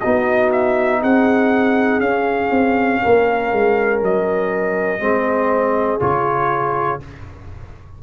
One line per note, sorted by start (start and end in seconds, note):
0.00 1.03 B3
0.00 2.03 D#4
0.00 1.00 F#4
0.00 0.50 D#5
0.52 1.02 E5
1.02 2.00 C4
1.02 3.02 G#4
1.02 2.01 F#5
2.00 2.50 C#4
2.00 5.00 C#4
2.00 4.01 F5
2.51 3.01 C4
3.02 3.52 A#3
3.02 5.02 A#4
3.52 4.02 G#3
4.02 5.01 F#3
4.02 6.01 D#5
5.00 6.01 G#3
5.00 6.00 C4
5.00 7.03 G#4
6.00 7.01 C#3
6.00 7.00 F4
6.00 7.01 C#5